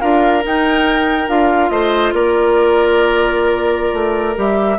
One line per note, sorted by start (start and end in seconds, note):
0.00 0.44 D4
0.00 0.42 F4
0.00 1.71 A#4
0.00 0.43 F5
0.42 1.27 D#4
0.42 1.28 D#4
0.42 1.29 G5
1.27 1.70 D4
1.27 4.35 F4
1.27 1.70 F5
1.70 2.12 A3
1.70 2.14 C5
1.70 2.12 D#5
2.12 3.93 A#3
2.12 4.78 A#4
2.12 4.37 D5
3.93 4.35 A3
4.35 4.78 G3
4.35 4.78 G4
4.35 4.78 E5